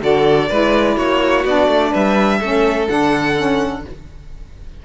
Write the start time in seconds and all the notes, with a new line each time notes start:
0.00 D3 F#4 A4 D5
0.50 G#3 E4 B4
0.96 A#3 F#4 C#5
1.45 B3 D4 D5
1.68 A3
1.91 G3 B4 E5
2.40 A3 C#4 A4
2.88 D3 D4 F#5
3.36 C#4